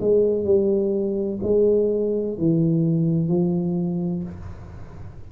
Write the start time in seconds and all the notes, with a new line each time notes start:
0.00 G#3
0.44 G3
1.42 G#3
2.38 E3
3.28 F3